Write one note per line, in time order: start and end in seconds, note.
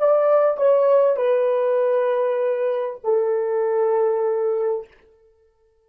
0.00 0.58 D5
0.58 1.17 C#5
1.17 3.01 B4
3.04 4.88 A4